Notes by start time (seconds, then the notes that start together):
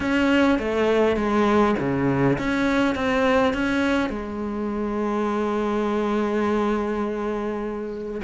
0.00 C#4
0.59 A3
1.16 G#3
1.79 C#3
2.38 C#4
2.95 C4
3.53 C#4
4.09 G#3